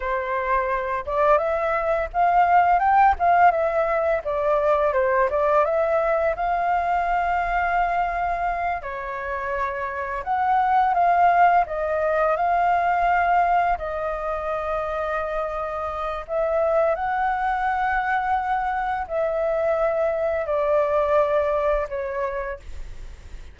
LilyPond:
\new Staff \with { instrumentName = "flute" } { \time 4/4 \tempo 4 = 85 c''4. d''8 e''4 f''4 | g''8 f''8 e''4 d''4 c''8 d''8 | e''4 f''2.~ | f''8 cis''2 fis''4 f''8~ |
f''8 dis''4 f''2 dis''8~ | dis''2. e''4 | fis''2. e''4~ | e''4 d''2 cis''4 | }